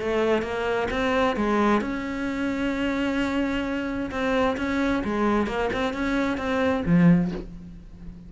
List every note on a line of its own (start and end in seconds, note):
0.00 0.42 A3
0.42 0.88 A#3
0.91 1.37 C4
1.37 1.82 G#3
1.82 4.11 C#4
4.11 4.57 C4
4.58 5.03 C#4
5.04 5.47 G#3
5.47 5.70 A#3
5.73 5.94 C4
5.94 6.38 C#4
6.38 6.84 C4
6.86 7.32 F3